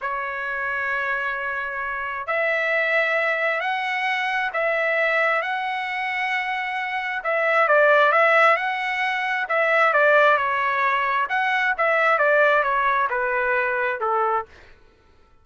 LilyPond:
\new Staff \with { instrumentName = "trumpet" } { \time 4/4 \tempo 4 = 133 cis''1~ | cis''4 e''2. | fis''2 e''2 | fis''1 |
e''4 d''4 e''4 fis''4~ | fis''4 e''4 d''4 cis''4~ | cis''4 fis''4 e''4 d''4 | cis''4 b'2 a'4 | }